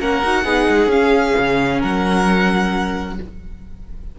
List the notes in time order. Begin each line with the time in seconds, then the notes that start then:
0.00 A#3 C#4 A#4 F#5
0.24 D#4 F#4
0.44 B3 D#4 G#4
0.70 G#3
0.87 C#4 F5
1.37 C#3
1.79 F#3 A#4 F#5